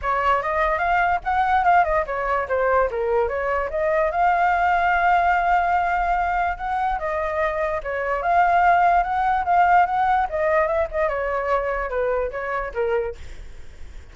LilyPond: \new Staff \with { instrumentName = "flute" } { \time 4/4 \tempo 4 = 146 cis''4 dis''4 f''4 fis''4 | f''8 dis''8 cis''4 c''4 ais'4 | cis''4 dis''4 f''2~ | f''1 |
fis''4 dis''2 cis''4 | f''2 fis''4 f''4 | fis''4 dis''4 e''8 dis''8 cis''4~ | cis''4 b'4 cis''4 ais'4 | }